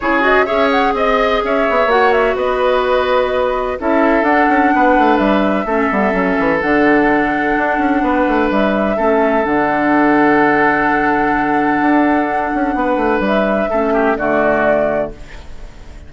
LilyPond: <<
  \new Staff \with { instrumentName = "flute" } { \time 4/4 \tempo 4 = 127 cis''8 dis''8 e''8 fis''8 dis''4 e''4 | fis''8 e''8 dis''2. | e''4 fis''2 e''4~ | e''2 fis''2~ |
fis''2 e''2 | fis''1~ | fis''1 | e''2 d''2 | }
  \new Staff \with { instrumentName = "oboe" } { \time 4/4 gis'4 cis''4 dis''4 cis''4~ | cis''4 b'2. | a'2 b'2 | a'1~ |
a'4 b'2 a'4~ | a'1~ | a'2. b'4~ | b'4 a'8 g'8 fis'2 | }
  \new Staff \with { instrumentName = "clarinet" } { \time 4/4 e'8 fis'8 gis'2. | fis'1 | e'4 d'2. | cis'8 b8 cis'4 d'2~ |
d'2. cis'4 | d'1~ | d'1~ | d'4 cis'4 a2 | }
  \new Staff \with { instrumentName = "bassoon" } { \time 4/4 cis4 cis'4 c'4 cis'8 b8 | ais4 b2. | cis'4 d'8 cis'8 b8 a8 g4 | a8 g8 fis8 e8 d2 |
d'8 cis'8 b8 a8 g4 a4 | d1~ | d4 d'4. cis'8 b8 a8 | g4 a4 d2 | }
>>